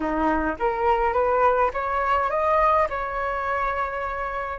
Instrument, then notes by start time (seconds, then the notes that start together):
flute
0.00 D#4
0.59 A#4
1.12 B4
1.73 C#5
2.30 D#5
2.89 C#5